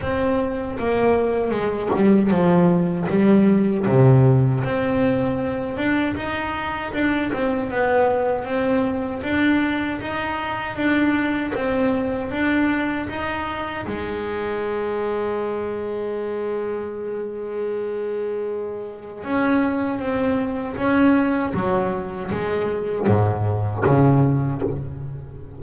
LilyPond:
\new Staff \with { instrumentName = "double bass" } { \time 4/4 \tempo 4 = 78 c'4 ais4 gis8 g8 f4 | g4 c4 c'4. d'8 | dis'4 d'8 c'8 b4 c'4 | d'4 dis'4 d'4 c'4 |
d'4 dis'4 gis2~ | gis1~ | gis4 cis'4 c'4 cis'4 | fis4 gis4 gis,4 cis4 | }